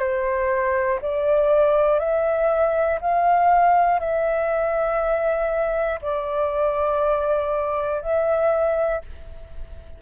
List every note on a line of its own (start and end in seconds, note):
0.00 1.00 C5
1.02 2.00 D5
2.00 3.00 E5
3.01 4.00 F5
4.00 6.00 E5
6.02 8.02 D5
8.02 9.02 E5